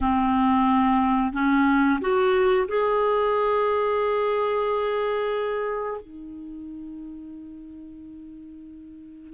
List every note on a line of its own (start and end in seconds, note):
0.00 1.32 C4
1.32 1.99 C#4
2.00 2.67 F#4
2.68 6.01 G#4
6.01 9.33 D#4